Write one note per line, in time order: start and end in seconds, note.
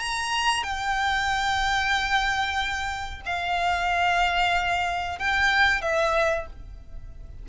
0.00 0.64 A#5
0.64 3.22 G5
3.26 5.19 F5
5.19 5.82 G5
5.82 6.47 E5